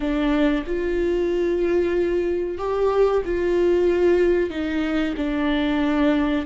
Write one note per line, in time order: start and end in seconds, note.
0.00 0.64 D4
0.66 2.58 F4
2.58 3.22 G4
3.25 4.50 F4
4.50 5.14 D#4
5.16 6.45 D4